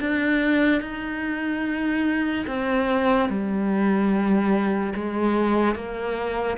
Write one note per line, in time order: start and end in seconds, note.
0.00 0.81 D4
0.81 2.46 D#4
2.47 3.29 C4
3.30 4.94 G3
4.95 5.75 G#3
5.75 6.58 A#3